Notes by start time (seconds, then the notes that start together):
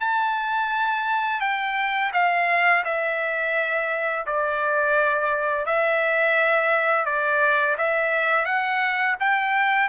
0.00 A5
1.41 G5
2.13 F5
2.84 E5
4.26 D5
5.66 E5
7.05 D5
7.78 E5
8.45 F#5
9.20 G5